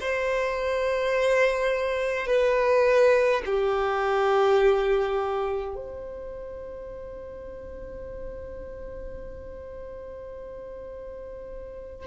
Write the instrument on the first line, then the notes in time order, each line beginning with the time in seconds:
violin
0.00 C5
2.27 B4
3.45 G4
5.75 C5